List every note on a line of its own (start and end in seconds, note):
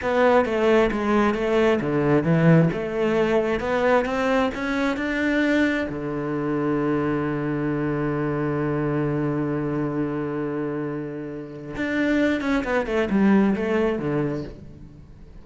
0.01 0.45 B3
0.45 0.90 A3
0.91 1.34 G#3
1.34 1.79 A3
1.80 2.23 D3
2.23 2.68 E3
2.72 3.59 A3
3.59 4.05 B3
4.05 4.50 C4
4.54 4.96 C#4
4.96 5.86 D4
5.89 11.75 D3
11.76 12.41 D4
12.41 12.63 C#4
12.64 12.86 B3
12.86 13.08 A3
13.10 13.55 G3
13.55 13.98 A3
13.98 14.44 D3